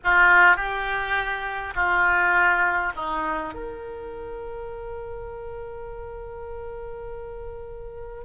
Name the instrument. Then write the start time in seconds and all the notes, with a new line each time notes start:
oboe
0.03 F4
0.56 G4
1.75 F4
2.96 D#4
3.53 A#4